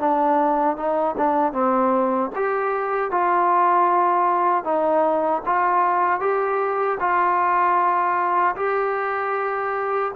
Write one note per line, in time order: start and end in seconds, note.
0.00 0.77 D4
0.77 1.16 D#4
1.18 1.53 D4
1.53 2.31 C4
2.36 3.11 G4
3.11 4.65 F4
4.65 5.43 D#4
5.46 6.21 F4
6.21 6.98 G4
7.00 8.56 F4
8.56 10.12 G4